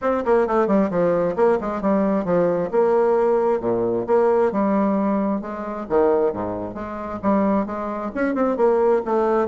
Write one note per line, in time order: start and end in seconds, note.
0.01 0.24 C4
0.25 0.47 A#3
0.47 0.67 A3
0.67 0.89 G3
0.90 1.35 F3
1.35 1.58 A#3
1.60 1.81 G#3
1.81 2.25 G3
2.25 2.70 F3
2.71 3.60 A#3
3.60 4.05 A#2
4.06 4.51 A#3
4.52 5.41 G3
5.41 5.86 G#3
5.89 6.32 D#3
6.32 6.74 G#2
6.74 7.19 G#3
7.22 7.65 G3
7.65 8.11 G#3
8.14 8.34 C#4
8.34 8.56 C4
8.56 9.01 A#3
9.05 9.48 A3